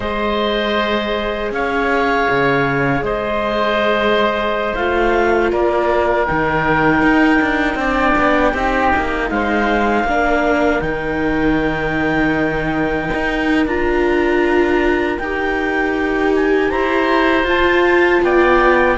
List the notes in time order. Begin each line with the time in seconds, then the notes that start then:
0.00 G#3 G#4 C5 D#5
1.51 C#4 C#5 F5
2.29 C#3
3.02 G#3 C5 D#5
4.74 A3 F4 F5
5.51 A#3 A#4 D5
6.26 D#3 D#4 G5
7.02 D#4
7.41 D4
7.74 C4 D4 D5
8.18 B3
8.51 C4 D#4 G4
8.96 A#3
9.29 G#3 C5 F5
10.04 A#3 D4 A#4
10.81 D#3 D#4 G5
13.13 D#4
13.66 D4 F4 A#5
15.18 D#4 G4 G5
16.35 G#5
16.70 E4 C5 A#5
17.43 F4 A5
18.22 B3 D5 G5